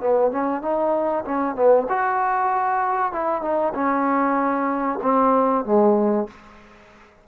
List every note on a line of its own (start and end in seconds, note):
0.00 0.31 B3
0.31 0.62 C#4
0.62 1.24 D#4
1.25 1.55 C#4
1.55 1.87 B3
1.89 3.12 F#4
3.12 3.42 E4
3.42 3.73 D#4
3.74 4.99 C#4
5.02 5.65 C4
5.65 6.27 G#3